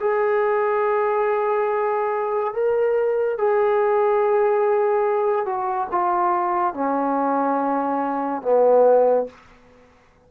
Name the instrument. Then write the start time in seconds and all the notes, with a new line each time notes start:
trombone
0.00 G#4
2.53 A#4
3.38 G#4
5.45 F#4
5.91 F4
6.74 C#4
8.42 B3